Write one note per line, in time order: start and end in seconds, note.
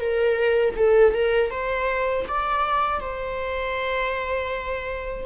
0.00 0.75 A#4
0.77 1.14 A4
1.14 1.50 A#4
1.50 2.25 C5
2.28 3.01 D5
3.01 5.26 C5